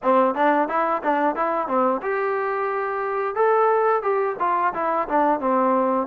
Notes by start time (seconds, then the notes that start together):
0.02 C4
0.34 D4
0.68 E4
1.03 D4
1.35 E4
1.67 C4
2.02 G4
3.35 A4
4.02 G4
4.39 F4
4.74 E4
5.08 D4
5.40 C4